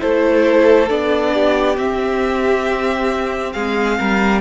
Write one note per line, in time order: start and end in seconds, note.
0.00 0.91 A3
0.00 0.88 E4
0.00 1.33 A4
0.00 0.89 C5
0.88 1.78 B3
0.88 1.77 D4
0.88 1.77 D5
1.33 3.54 G4
1.77 4.41 C4
1.77 3.54 C4
1.77 3.53 E5
3.53 4.00 G#3
3.53 3.98 G#4
3.53 4.41 F5
3.98 4.41 G3
3.98 4.41 A#4